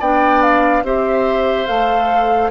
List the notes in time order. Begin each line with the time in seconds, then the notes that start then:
0.00 B3 D4 D5 G5
0.43 F5
0.84 C4 G4 C5 E5
1.67 A3 A4 F5